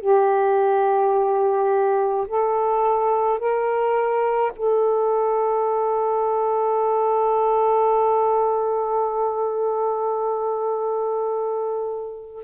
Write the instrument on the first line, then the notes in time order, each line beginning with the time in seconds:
saxophone
0.00 G4
2.27 A4
3.39 A#4
4.56 A4